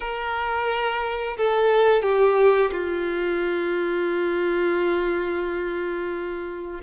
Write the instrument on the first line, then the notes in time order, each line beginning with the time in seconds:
violin
0.00 A#4
1.37 A4
2.02 G4
2.72 F4